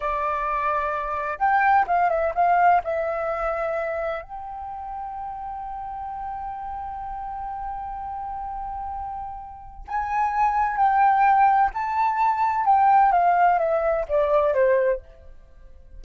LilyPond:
\new Staff \with { instrumentName = "flute" } { \time 4/4 \tempo 4 = 128 d''2. g''4 | f''8 e''8 f''4 e''2~ | e''4 g''2.~ | g''1~ |
g''1~ | g''4 gis''2 g''4~ | g''4 a''2 g''4 | f''4 e''4 d''4 c''4 | }